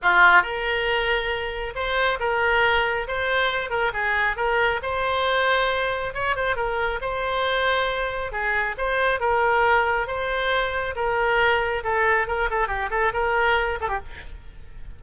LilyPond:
\new Staff \with { instrumentName = "oboe" } { \time 4/4 \tempo 4 = 137 f'4 ais'2. | c''4 ais'2 c''4~ | c''8 ais'8 gis'4 ais'4 c''4~ | c''2 cis''8 c''8 ais'4 |
c''2. gis'4 | c''4 ais'2 c''4~ | c''4 ais'2 a'4 | ais'8 a'8 g'8 a'8 ais'4. a'16 g'16 | }